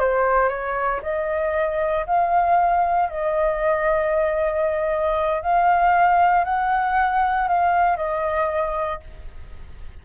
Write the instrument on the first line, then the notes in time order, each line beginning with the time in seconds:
flute
0.00 C5
0.49 C#5
1.03 D#5
2.07 F5
3.10 D#5
5.42 F5
6.45 F#5
7.49 F5
7.97 D#5